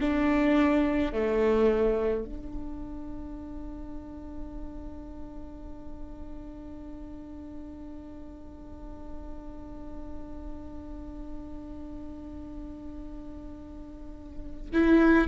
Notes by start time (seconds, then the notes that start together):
0.00 D4
1.13 A3
2.25 D4
14.73 E4